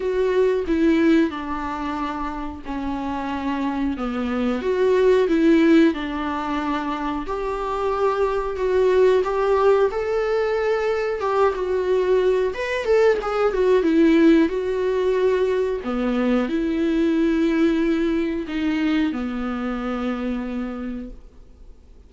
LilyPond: \new Staff \with { instrumentName = "viola" } { \time 4/4 \tempo 4 = 91 fis'4 e'4 d'2 | cis'2 b4 fis'4 | e'4 d'2 g'4~ | g'4 fis'4 g'4 a'4~ |
a'4 g'8 fis'4. b'8 a'8 | gis'8 fis'8 e'4 fis'2 | b4 e'2. | dis'4 b2. | }